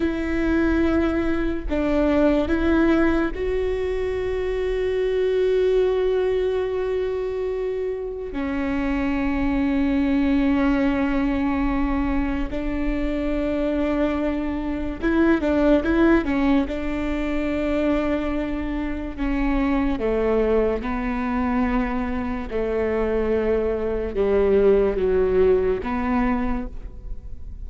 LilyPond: \new Staff \with { instrumentName = "viola" } { \time 4/4 \tempo 4 = 72 e'2 d'4 e'4 | fis'1~ | fis'2 cis'2~ | cis'2. d'4~ |
d'2 e'8 d'8 e'8 cis'8 | d'2. cis'4 | a4 b2 a4~ | a4 g4 fis4 b4 | }